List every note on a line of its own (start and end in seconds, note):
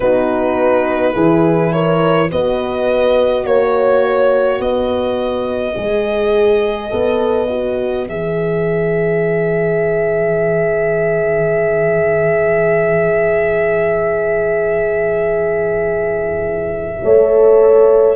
0.00 1.15 B3
0.00 1.14 D#4
0.00 1.14 F#4
0.00 1.72 B4
1.14 2.31 E3
1.14 2.30 E4
1.14 1.72 G#4
1.72 2.31 A#4
1.72 2.30 C#5
2.31 3.44 B3
2.31 5.74 F#4
2.31 3.46 B4
2.31 3.46 D#5
3.44 4.59 A#3
3.44 4.61 C#5
4.59 5.75 B3
4.59 17.01 B4
4.59 8.07 D#5
5.74 6.92 G#3
5.74 6.89 G#4
6.90 8.07 B3
6.90 7.47 A4
7.50 8.07 F#4
8.07 17.01 E3
8.07 17.03 G#4
8.07 18.16 E5
17.03 18.16 A3
17.03 18.16 A4
17.03 18.16 C#5